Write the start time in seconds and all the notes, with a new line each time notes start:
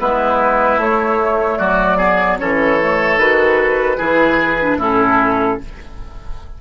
0.00 G#3 B3 E4 B4
0.77 A3 C#5
1.58 F#3 F#4 D5
1.98 B3 G#4
2.39 E3 C#4 A4 C#5
2.80 A3
3.17 D#3 F#4 B4
3.98 E3 E4 G#4
4.61 D4
4.77 A2 C#4 E4 A4